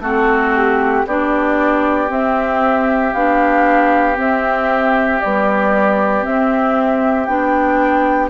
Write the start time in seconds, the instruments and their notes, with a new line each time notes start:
0.00 bassoon A3, clarinet C4, oboe F#4, flute A4
0.56 flute G4
1.07 bassoon B3, clarinet D4, oboe G4, flute D5
2.09 clarinet C4, bassoon C4, flute E5
3.14 bassoon B3, clarinet D4, flute F5
4.16 clarinet C4, bassoon C4, flute E5
5.21 clarinet G3, bassoon B3, flute D5
6.23 clarinet C4, bassoon C4, flute E5
7.26 bassoon B3, clarinet D4, flute G5